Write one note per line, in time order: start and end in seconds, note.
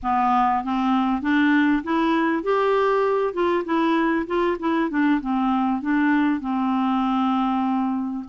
0.02 0.63 B3
0.64 1.21 C4
1.21 1.83 D4
1.83 2.43 E4
2.43 3.33 G4
3.33 3.64 F4
3.64 4.26 E4
4.26 4.57 F4
4.59 4.90 E4
4.90 5.20 D4
5.20 5.81 C4
5.81 6.40 D4
6.40 8.24 C4